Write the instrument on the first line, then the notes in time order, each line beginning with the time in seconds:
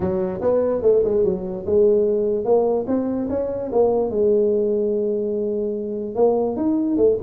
tuba
0.00 F#3
0.41 B3
0.82 A3
1.04 G#3
1.24 F#3
1.66 G#3
2.44 A#3
2.87 C4
3.29 C#4
3.72 A#3
4.10 G#3
6.15 A#3
6.56 D#4
6.97 A3